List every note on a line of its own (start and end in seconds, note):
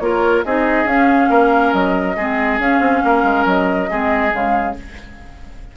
0.00 0.43 A#3
0.00 0.45 F4
0.00 0.45 A#4
0.00 0.43 C#5
0.45 0.85 C4
0.45 0.87 D#4
0.45 1.30 G#4
0.45 0.87 D#5
0.85 1.28 C#4
0.85 2.16 C#4
0.85 1.73 F5
1.30 1.73 A#3
1.30 2.16 A#4
1.73 2.16 F#3
1.73 2.60 D#5
2.17 2.59 G#3
2.17 2.61 C4
2.17 3.03 G#4
2.59 2.80 C#4
2.59 3.90 C#4
2.59 3.47 F5
2.80 3.01 C4
3.04 3.23 A#3
3.04 3.90 A#4
3.23 3.45 G#3
3.45 3.89 F#3
3.45 4.34 D#5
3.90 4.33 G#3
3.90 4.31 C4
3.90 4.77 G#4
4.31 4.76 C#3
4.31 4.74 G#3
4.31 4.77 F5